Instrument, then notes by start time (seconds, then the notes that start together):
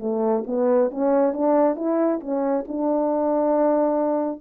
horn
0.00 A3
0.47 B3
0.91 C#4
1.33 D4
1.76 E4
2.21 C#4
2.68 D4